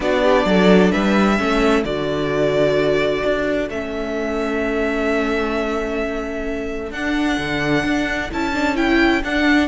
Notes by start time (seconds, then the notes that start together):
0.00 B3 D4 F#4 D5
0.22 G4
0.45 F#3 A4
0.91 G3 B4 E5
1.36 A3 C#4 A4
1.84 D3 F#4 D5
3.24 D4
3.69 A3 C#4 E5
6.91 D4 F#5
7.38 D3
7.83 D4
8.33 C#4 E4 A5
8.53 D4
8.75 E4 G5
9.22 D4 F#5